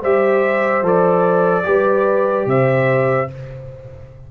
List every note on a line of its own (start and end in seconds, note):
0.00 0.82 G3
0.00 0.83 G4
0.00 1.64 C5
0.00 0.85 E5
0.82 1.64 F3
0.82 1.63 A4
0.82 2.48 D5
1.63 2.46 G3
1.63 3.28 G4
1.63 2.48 B4
2.46 3.28 C3
2.46 3.31 C5
2.46 3.31 E5